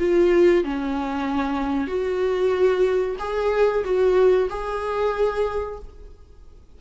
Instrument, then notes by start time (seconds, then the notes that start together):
viola
0.00 F4
0.64 C#4
1.88 F#4
3.20 G#4
3.84 F#4
4.50 G#4